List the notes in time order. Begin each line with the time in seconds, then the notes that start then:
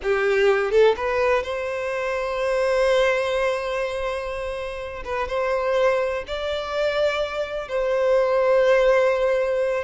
0.02 G4
0.71 A4
0.96 B4
1.43 C5
5.04 B4
5.28 C5
6.27 D5
7.68 C5